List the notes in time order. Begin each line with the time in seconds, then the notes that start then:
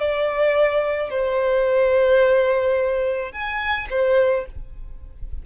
0.00 D5
1.10 C5
3.32 G#5
3.90 C5